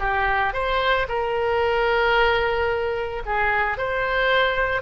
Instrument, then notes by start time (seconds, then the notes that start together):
oboe
0.00 G4
0.54 C5
1.09 A#4
3.26 G#4
3.78 C5